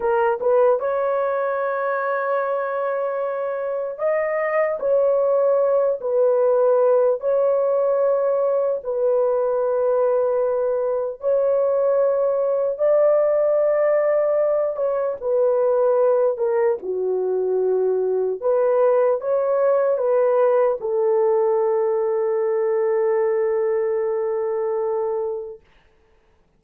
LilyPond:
\new Staff \with { instrumentName = "horn" } { \time 4/4 \tempo 4 = 75 ais'8 b'8 cis''2.~ | cis''4 dis''4 cis''4. b'8~ | b'4 cis''2 b'4~ | b'2 cis''2 |
d''2~ d''8 cis''8 b'4~ | b'8 ais'8 fis'2 b'4 | cis''4 b'4 a'2~ | a'1 | }